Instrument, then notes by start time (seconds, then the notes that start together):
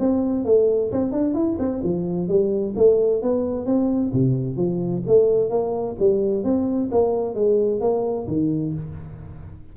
tuba
0.00 C4
0.46 A3
0.92 C4
1.12 D4
1.35 E4
1.59 C4
1.84 F3
2.29 G3
2.77 A3
3.22 B3
3.66 C4
4.13 C3
4.57 F3
5.08 A3
5.50 A#3
6.00 G3
6.44 C4
6.92 A#3
7.35 G#3
7.81 A#3
8.28 D#3